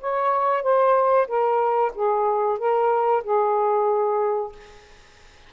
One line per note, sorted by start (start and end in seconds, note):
0.00 0.63 C#5
0.63 1.27 C5
1.27 1.92 A#4
1.94 2.58 G#4
2.58 3.23 A#4
3.23 4.52 G#4